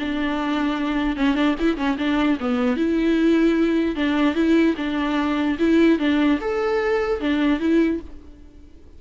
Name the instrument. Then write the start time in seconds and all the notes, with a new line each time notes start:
viola
0.00 D4
1.17 C#4
1.35 D4
1.60 E4
1.77 C#4
1.99 D4
2.41 B3
2.77 E4
3.96 D4
4.35 E4
4.78 D4
5.59 E4
5.99 D4
6.41 A4
7.21 D4
7.60 E4